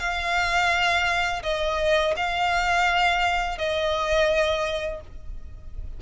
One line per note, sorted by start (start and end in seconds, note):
0.00 1.43 F5
1.44 2.15 D#5
2.17 3.58 F5
3.58 5.01 D#5